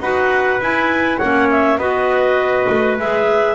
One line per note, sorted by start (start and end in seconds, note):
0.00 0.59 D#4
0.00 0.61 F#4
0.00 1.18 B4
0.00 0.61 F#5
0.60 1.20 E4
0.60 1.18 G#5
1.18 1.78 A#3
1.18 1.79 C#4
1.18 1.78 C#5
1.18 1.48 F#5
1.51 1.79 E5
1.78 2.67 B3
1.78 2.98 F#4
1.78 3.55 B4
1.78 2.97 D#5
2.69 2.99 A3
2.99 3.55 G#3
2.99 3.55 G#4
2.99 3.55 E5